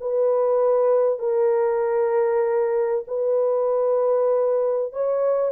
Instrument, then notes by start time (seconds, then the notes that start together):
horn
0.00 B4
1.19 A#4
3.07 B4
4.92 C#5